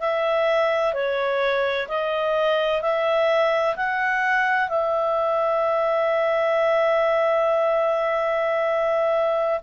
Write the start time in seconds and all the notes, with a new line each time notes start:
0.00 E5
0.94 C#5
1.88 D#5
2.82 E5
3.76 F#5
4.69 E5